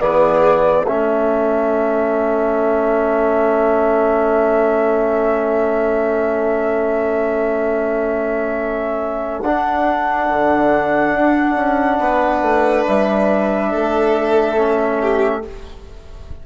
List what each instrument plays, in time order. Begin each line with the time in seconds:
0.00 bassoon E3, trombone B3, violin G#4, flute D5
0.84 bassoon A3, trombone C#4, violin A4, flute E5
9.41 bassoon D4, trombone D4, flute F#5
10.29 bassoon D3
11.14 bassoon D4
11.56 bassoon C#4
11.99 bassoon B3, violin B4
12.42 bassoon A3
12.86 bassoon G3, flute E5
13.69 bassoon A3, violin A4
14.57 trombone C#4
15.01 violin G4